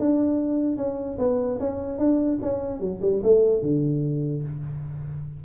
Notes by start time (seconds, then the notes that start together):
0.00 D4
0.77 C#4
1.19 B3
1.60 C#4
1.99 D4
2.42 C#4
2.80 F#3
3.02 G3
3.24 A3
3.62 D3